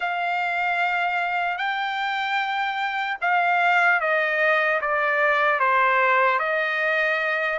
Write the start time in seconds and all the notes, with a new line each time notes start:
0.00 F5
1.57 G5
3.21 F5
4.00 D#5
4.81 D5
5.59 C5
6.39 D#5